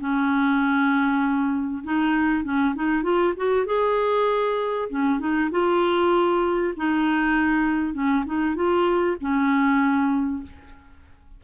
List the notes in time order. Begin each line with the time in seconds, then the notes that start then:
0.00 C#4
1.84 D#4
2.44 C#4
2.76 D#4
3.03 F4
3.37 F#4
3.66 G#4
4.90 C#4
5.20 D#4
5.51 F4
6.77 D#4
7.94 C#4
8.26 D#4
8.56 F4
9.21 C#4